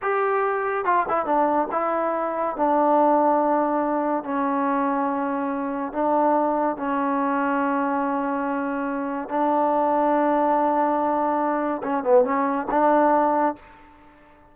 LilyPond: \new Staff \with { instrumentName = "trombone" } { \time 4/4 \tempo 4 = 142 g'2 f'8 e'8 d'4 | e'2 d'2~ | d'2 cis'2~ | cis'2 d'2 |
cis'1~ | cis'2 d'2~ | d'1 | cis'8 b8 cis'4 d'2 | }